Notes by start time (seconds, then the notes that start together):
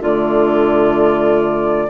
0.00 D3 A3 F4 D5